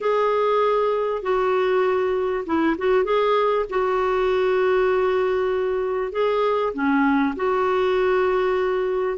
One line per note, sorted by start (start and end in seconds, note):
0.00 1.22 G#4
1.22 2.45 F#4
2.45 2.76 E4
2.77 3.04 F#4
3.04 3.65 G#4
3.69 6.12 F#4
6.12 6.73 G#4
6.73 7.34 C#4
7.36 9.18 F#4